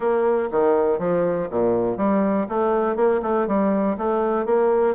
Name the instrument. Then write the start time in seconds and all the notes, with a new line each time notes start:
bassoon
0.00 A#3
0.51 D#3
0.98 F3
1.50 A#2
1.97 G3
2.48 A3
2.96 A#3
3.22 A3
3.47 G3
3.97 A3
4.45 A#3